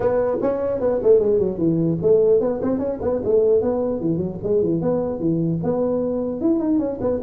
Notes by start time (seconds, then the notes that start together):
0.00 B3
0.41 C#4
0.80 B3
1.02 A3
1.19 G#3
1.38 F#3
1.58 E3
2.02 A3
2.40 B3
2.62 C4
2.79 C#4
3.01 B3
3.24 A3
3.61 B3
4.00 E3
4.17 F#3
4.43 G#3
4.62 E3
4.81 B3
5.19 E3
5.63 B3
6.41 E4
6.59 D#4
6.78 C#4
7.00 B3